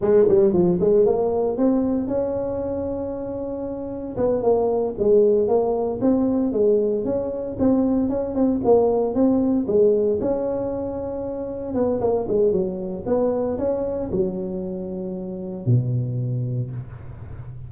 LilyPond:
\new Staff \with { instrumentName = "tuba" } { \time 4/4 \tempo 4 = 115 gis8 g8 f8 gis8 ais4 c'4 | cis'1 | b8 ais4 gis4 ais4 c'8~ | c'8 gis4 cis'4 c'4 cis'8 |
c'8 ais4 c'4 gis4 cis'8~ | cis'2~ cis'8 b8 ais8 gis8 | fis4 b4 cis'4 fis4~ | fis2 b,2 | }